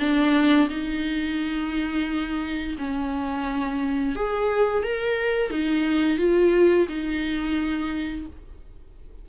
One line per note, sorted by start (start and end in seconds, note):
0.00 0.69 D4
0.70 2.76 D#4
2.78 4.16 C#4
4.16 4.84 G#4
4.84 5.51 A#4
5.51 6.18 D#4
6.18 6.87 F4
6.89 8.27 D#4